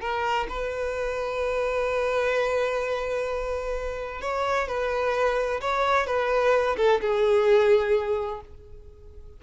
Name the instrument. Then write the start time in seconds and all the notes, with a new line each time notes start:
violin
0.00 A#4
0.49 B4
4.21 C#5
4.67 B4
5.61 C#5
6.06 B4
6.77 A4
7.01 G#4